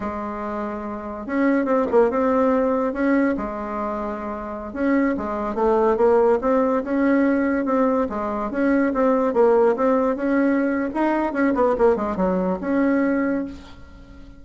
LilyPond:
\new Staff \with { instrumentName = "bassoon" } { \time 4/4 \tempo 4 = 143 gis2. cis'4 | c'8 ais8 c'2 cis'4 | gis2.~ gis16 cis'8.~ | cis'16 gis4 a4 ais4 c'8.~ |
c'16 cis'2 c'4 gis8.~ | gis16 cis'4 c'4 ais4 c'8.~ | c'16 cis'4.~ cis'16 dis'4 cis'8 b8 | ais8 gis8 fis4 cis'2 | }